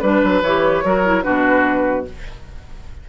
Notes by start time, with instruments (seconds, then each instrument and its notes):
0.00 bassoon G3, clarinet D4, flute B4, oboe B4
0.23 bassoon F#3
0.43 bassoon E3, clarinet G4, flute C#5
0.84 bassoon F#3, clarinet F#4, oboe A#4
1.05 clarinet E4
1.23 bassoon B2, clarinet D4, oboe F#4, flute B4